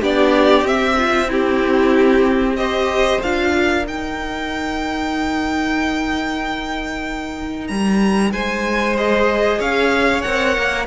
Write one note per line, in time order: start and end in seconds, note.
0.00 0.62 B3
0.00 0.66 D4
0.00 0.96 G4
0.00 0.66 D5
0.62 3.17 C4
0.62 2.57 C4
0.62 1.30 E5
0.97 1.28 F4
1.28 2.56 E4
1.28 2.56 G4
2.56 3.21 G4
2.56 3.54 C5
2.56 3.20 D#5
3.22 3.87 D4
3.22 3.85 F4
3.22 3.86 F5
3.54 8.32 A#4
3.85 8.96 D#4
3.85 7.69 D#4
3.85 7.67 G5
7.67 8.31 G3
7.67 8.31 A#5
8.31 9.59 G#3
8.31 9.58 C5
8.31 8.96 G#5
8.96 10.23 G#4
8.96 9.61 D#5
9.58 10.23 C#4
9.58 10.86 C#5
9.58 10.22 F5
10.22 10.57 C4
10.22 10.87 A#4
10.22 10.85 F#5
10.57 10.87 A#3